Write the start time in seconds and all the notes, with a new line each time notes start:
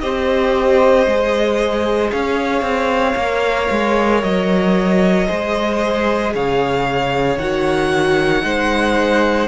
0.00 C4 G4 C5 D#5
1.06 G#3 G#4
2.12 C#4 C#5 F5
2.62 C4
3.15 A#3 A#4
3.71 G#3
4.23 F#3 D#5
5.27 G#3 G#4 C5
6.34 C#3 C#5 F5
7.37 D#3 F#4 F#5
8.42 G#3 D#4 C5